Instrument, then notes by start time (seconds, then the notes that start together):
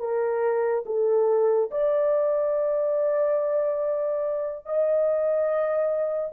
horn
0.00 A#4
0.86 A4
1.71 D5
4.66 D#5